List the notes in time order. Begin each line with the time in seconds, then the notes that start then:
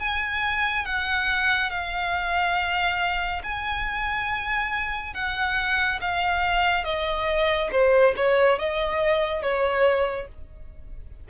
0.00 G#5
0.86 F#5
1.71 F5
3.44 G#5
5.14 F#5
6.01 F5
6.85 D#5
7.72 C5
8.17 C#5
8.59 D#5
9.42 C#5